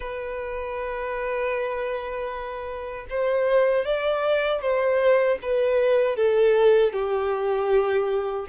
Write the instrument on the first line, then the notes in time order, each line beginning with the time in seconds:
violin
0.00 B4
3.09 C5
3.85 D5
4.61 C5
5.42 B4
6.16 A4
6.92 G4